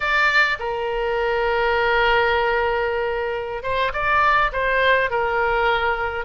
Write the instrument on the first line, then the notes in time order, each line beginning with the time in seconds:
oboe
0.00 D5
0.59 A#4
3.62 C5
3.93 D5
4.52 C5
5.10 A#4